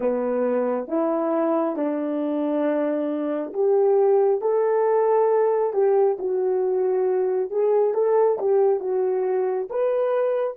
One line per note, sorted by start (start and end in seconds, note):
0.00 0.87 B3
0.87 1.76 E4
1.76 3.52 D4
3.53 4.41 G4
4.41 5.73 A4
5.73 6.17 G4
6.18 7.50 F#4
7.50 7.94 G#4
7.94 8.38 A4
8.38 8.80 G4
8.80 9.68 F#4
9.69 10.57 B4